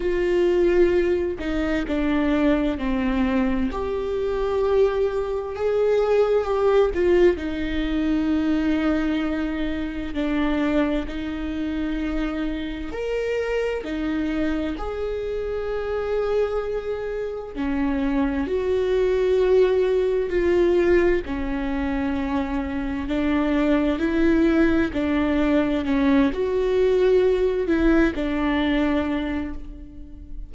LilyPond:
\new Staff \with { instrumentName = "viola" } { \time 4/4 \tempo 4 = 65 f'4. dis'8 d'4 c'4 | g'2 gis'4 g'8 f'8 | dis'2. d'4 | dis'2 ais'4 dis'4 |
gis'2. cis'4 | fis'2 f'4 cis'4~ | cis'4 d'4 e'4 d'4 | cis'8 fis'4. e'8 d'4. | }